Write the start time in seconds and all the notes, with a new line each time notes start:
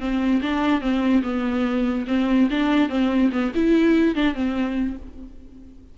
0.00 C4
0.42 D4
0.81 C4
1.23 B3
2.08 C4
2.51 D4
2.89 C4
3.32 B3
3.55 E4
4.15 D4
4.34 C4